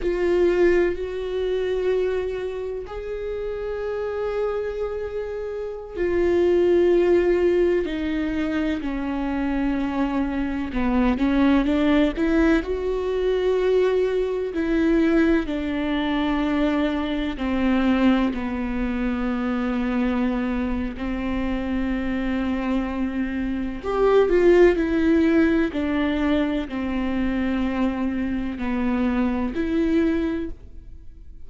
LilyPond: \new Staff \with { instrumentName = "viola" } { \time 4/4 \tempo 4 = 63 f'4 fis'2 gis'4~ | gis'2~ gis'16 f'4.~ f'16~ | f'16 dis'4 cis'2 b8 cis'16~ | cis'16 d'8 e'8 fis'2 e'8.~ |
e'16 d'2 c'4 b8.~ | b2 c'2~ | c'4 g'8 f'8 e'4 d'4 | c'2 b4 e'4 | }